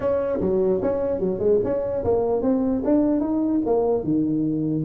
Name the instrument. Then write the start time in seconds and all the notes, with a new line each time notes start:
tuba
0.00 C#4
0.40 F#3
0.82 C#4
1.19 F#3
1.39 G#3
1.63 C#4
2.04 A#3
2.42 C4
2.84 D4
3.20 D#4
3.65 A#3
4.03 D#3